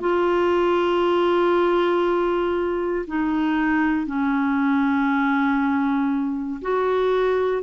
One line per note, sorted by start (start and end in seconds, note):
0.00 3.05 F4
3.06 4.06 D#4
4.06 6.61 C#4
6.61 7.62 F#4